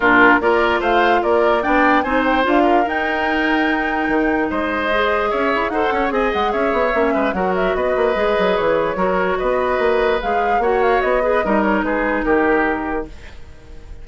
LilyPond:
<<
  \new Staff \with { instrumentName = "flute" } { \time 4/4 \tempo 4 = 147 ais'4 d''4 f''4 d''4 | g''4 gis''8 g''8 f''4 g''4~ | g''2. dis''4~ | dis''4 e''4 fis''4 gis''8 fis''8 |
e''2 fis''8 e''8 dis''4~ | dis''4 cis''2 dis''4~ | dis''4 f''4 fis''8 f''8 dis''4~ | dis''8 cis''8 b'4 ais'2 | }
  \new Staff \with { instrumentName = "oboe" } { \time 4/4 f'4 ais'4 c''4 ais'4 | d''4 c''4. ais'4.~ | ais'2. c''4~ | c''4 cis''4 c''8 cis''8 dis''4 |
cis''4. b'8 ais'4 b'4~ | b'2 ais'4 b'4~ | b'2 cis''4. b'8 | ais'4 gis'4 g'2 | }
  \new Staff \with { instrumentName = "clarinet" } { \time 4/4 d'4 f'2. | d'4 dis'4 f'4 dis'4~ | dis'1 | gis'2 a'4 gis'4~ |
gis'4 cis'4 fis'2 | gis'2 fis'2~ | fis'4 gis'4 fis'4. gis'8 | dis'1 | }
  \new Staff \with { instrumentName = "bassoon" } { \time 4/4 ais,4 ais4 a4 ais4 | b4 c'4 d'4 dis'4~ | dis'2 dis4 gis4~ | gis4 cis'8 e'8 dis'8 cis'8 c'8 gis8 |
cis'8 b8 ais8 gis8 fis4 b8 ais8 | gis8 fis8 e4 fis4 b4 | ais4 gis4 ais4 b4 | g4 gis4 dis2 | }
>>